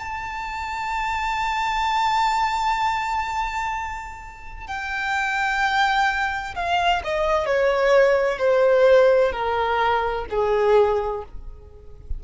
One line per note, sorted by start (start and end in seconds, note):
0.00 4.67 A5
4.67 6.55 G5
6.55 7.02 F5
7.04 7.47 D#5
7.47 8.39 C#5
8.39 9.32 C5
9.32 10.26 A#4
10.30 11.24 G#4